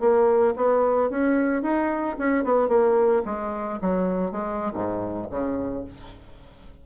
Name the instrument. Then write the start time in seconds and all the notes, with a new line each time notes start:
bassoon
0.00 A#3
0.56 B3
1.10 C#4
1.62 D#4
2.18 C#4
2.44 B3
2.69 A#3
3.25 G#3
3.81 F#3
4.31 G#3
4.73 G#2
5.30 C#3